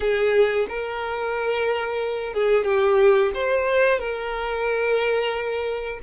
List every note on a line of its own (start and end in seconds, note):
0.00 0.67 G#4
0.68 2.33 A#4
2.33 2.65 G#4
2.65 3.31 G4
3.34 3.99 C5
3.99 5.99 A#4